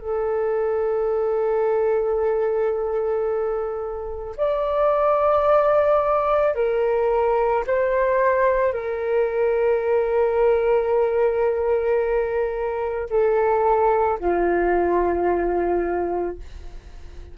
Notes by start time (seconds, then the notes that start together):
0.00 A4
4.37 D5
6.55 A#4
7.67 C5
8.73 A#4
13.10 A4
14.19 F4